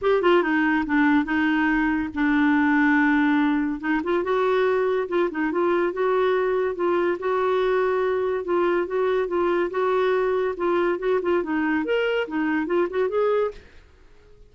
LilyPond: \new Staff \with { instrumentName = "clarinet" } { \time 4/4 \tempo 4 = 142 g'8 f'8 dis'4 d'4 dis'4~ | dis'4 d'2.~ | d'4 dis'8 f'8 fis'2 | f'8 dis'8 f'4 fis'2 |
f'4 fis'2. | f'4 fis'4 f'4 fis'4~ | fis'4 f'4 fis'8 f'8 dis'4 | ais'4 dis'4 f'8 fis'8 gis'4 | }